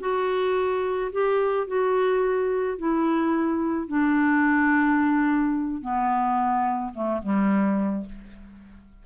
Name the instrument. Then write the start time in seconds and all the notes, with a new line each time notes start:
clarinet
0.00 F#4
1.12 G4
1.67 F#4
2.78 E4
3.88 D4
5.82 B3
6.94 A3
7.22 G3